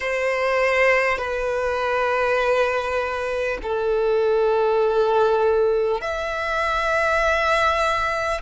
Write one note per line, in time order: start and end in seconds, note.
0.00 1.18 C5
1.18 3.58 B4
3.62 6.01 A4
6.01 8.41 E5